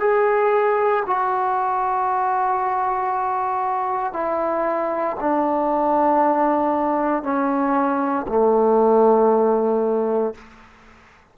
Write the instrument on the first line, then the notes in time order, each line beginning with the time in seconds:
trombone
0.00 G#4
1.06 F#4
4.13 E4
5.20 D4
7.23 C#4
8.28 A3